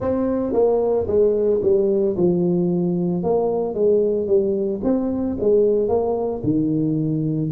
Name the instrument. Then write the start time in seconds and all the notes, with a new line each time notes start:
tuba
0.00 C4
0.53 A#3
1.07 G#3
1.62 G3
2.16 F3
3.23 A#3
3.74 G#3
4.27 G3
4.83 C4
5.40 G#3
5.88 A#3
6.43 D#3